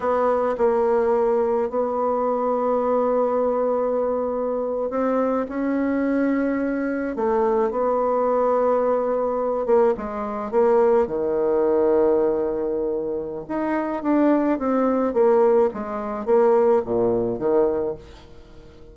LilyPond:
\new Staff \with { instrumentName = "bassoon" } { \time 4/4 \tempo 4 = 107 b4 ais2 b4~ | b1~ | b8. c'4 cis'2~ cis'16~ | cis'8. a4 b2~ b16~ |
b4~ b16 ais8 gis4 ais4 dis16~ | dis1 | dis'4 d'4 c'4 ais4 | gis4 ais4 ais,4 dis4 | }